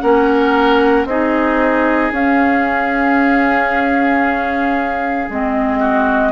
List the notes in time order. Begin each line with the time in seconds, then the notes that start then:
0.00 A#3 C#4 A#4 F#5
1.05 C4 D#4 G#4 D#5
2.11 C#4 F5
5.29 G#3 C4 D#5
5.79 F#4